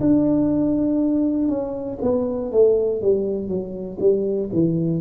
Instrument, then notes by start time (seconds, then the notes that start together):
tuba
0.00 D4
1.48 C#4
2.01 B3
2.51 A3
3.01 G3
3.48 F#3
3.99 G3
4.52 E3